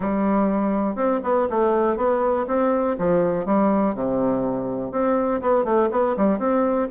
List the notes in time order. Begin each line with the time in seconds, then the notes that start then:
0.00 G3
0.95 C4
1.23 B3
1.50 A3
1.96 B3
2.47 C4
2.98 F3
3.45 G3
3.95 C3
4.91 C4
5.41 B3
5.64 A3
5.91 B3
6.17 G3
6.38 C4